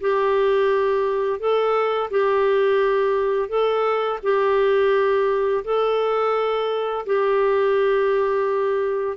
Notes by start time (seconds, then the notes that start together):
0.00 G4
1.39 A4
2.10 G4
3.48 A4
4.23 G4
5.64 A4
7.06 G4